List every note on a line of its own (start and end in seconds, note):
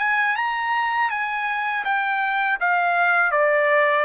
0.00 0.37 G#5
0.37 1.10 A#5
1.10 1.85 G#5
1.85 2.59 G5
2.61 3.32 F5
3.32 4.06 D5